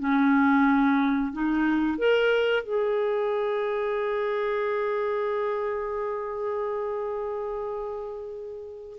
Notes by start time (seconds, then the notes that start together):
0.00 C#4
1.33 D#4
1.99 A#4
2.64 G#4